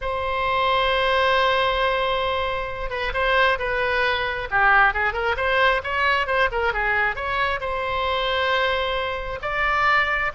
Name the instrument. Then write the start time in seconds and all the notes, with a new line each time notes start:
oboe
0.01 C5
2.90 B4
3.13 C5
3.59 B4
4.50 G4
4.93 G#4
5.13 A#4
5.36 C5
5.83 C#5
6.26 C5
6.51 A#4
6.73 G#4
7.15 C#5
7.60 C5
9.42 D5